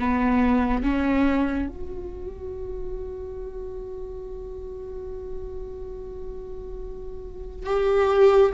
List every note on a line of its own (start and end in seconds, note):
0.00 0.83 B3
0.83 1.69 C#4
1.69 7.67 F#4
7.67 8.52 G4